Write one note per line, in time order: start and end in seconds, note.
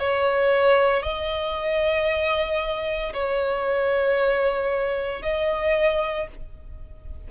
0.00 1.03 C#5
1.03 3.13 D#5
3.14 5.22 C#5
5.22 6.28 D#5